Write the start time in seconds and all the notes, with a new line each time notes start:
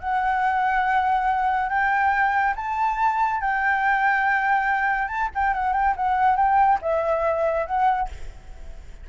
0.00 F#5
1.69 G5
2.56 A5
3.41 G5
5.08 A5
5.35 G5
5.54 F#5
5.73 G5
5.97 F#5
6.36 G5
6.82 E5
7.66 F#5